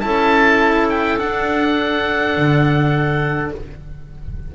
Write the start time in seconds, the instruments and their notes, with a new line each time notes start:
0.00 double bass C#4, cello E4, clarinet A4, oboe A5
0.90 oboe G5
1.18 cello D4, double bass D4, oboe F#5
2.37 double bass D3